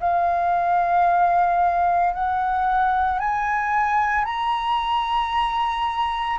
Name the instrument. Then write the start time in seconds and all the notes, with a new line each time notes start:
flute
0.00 F5
2.14 F#5
3.19 G#5
4.25 A#5